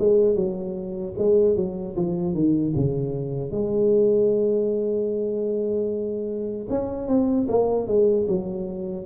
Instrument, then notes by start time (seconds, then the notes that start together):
tuba
0.00 G#3
0.36 F#3
1.18 G#3
1.56 F#3
1.97 F3
2.34 D#3
2.76 C#3
3.52 G#3
6.70 C#4
7.08 C4
7.49 A#3
7.88 G#3
8.29 F#3